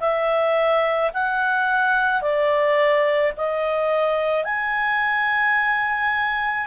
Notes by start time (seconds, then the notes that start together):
0.00 E5
1.14 F#5
2.22 D5
3.37 D#5
4.45 G#5